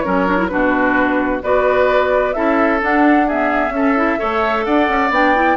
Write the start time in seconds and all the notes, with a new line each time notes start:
0.00 F#3 C#4 A#4 C#5
0.27 D4
0.37 E4
0.47 B2 D4 F#4 B4
1.42 B3 F#4 B4 D5
2.33 C#4 E4 A4 E5
2.80 D4 F#5
3.27 B3 G#4 E5
3.69 C#4 A4
3.96 E4
4.18 A3 A4 C#5
4.65 D4 D5 F#5
4.88 C#4
5.10 B3 D4 G5
5.35 E4